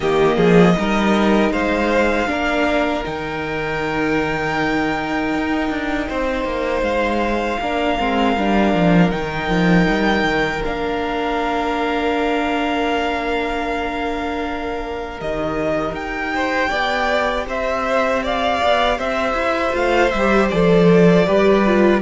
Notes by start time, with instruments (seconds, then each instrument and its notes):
0.00 cello D#3, viola A#3, violin G4 D#5
0.36 cello F3, violin G#4
0.77 cello G3, viola D#4, violin A#4
1.51 cello G#3, violin C5 F5
2.27 cello A#3, viola D4, violin A#4
3.04 cello D#3, viola D#4, violin G5
5.34 cello D#4
5.69 cello D4
6.08 cello C4, violin C5
6.44 cello A#3
6.81 cello G#3, violin F5
7.60 cello A#3, viola D4, violin A#4
7.99 cello G#3, viola C4
8.36 cello G3, viola D4
8.73 cello F3
9.10 cello D#3, viola D#4, violin G5
9.49 cello F3
9.89 cello G3
10.23 cello D#3
10.64 cello A#3, viola D4, violin F5
15.18 cello D#3, viola G4, violin D#5
15.91 cello D#4, violin G5
16.34 violin C5
16.69 cello B3, violin D5
17.46 cello C4, violin C5 E5
18.23 violin D5 F5
18.63 cello B3
18.97 cello C4, violin C5 E5
19.33 cello E4
19.71 cello A3, viola F4, violin F5
20.10 cello G3, violin E5
20.17 viola G4
20.49 cello F3, viola A4, violin D5
21.26 cello G3, viola G4, violin B4
21.66 viola F4